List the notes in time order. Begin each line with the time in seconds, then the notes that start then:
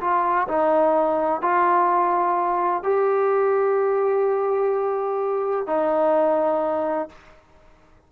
0.00 F4
0.48 D#4
1.41 F4
2.83 G4
5.66 D#4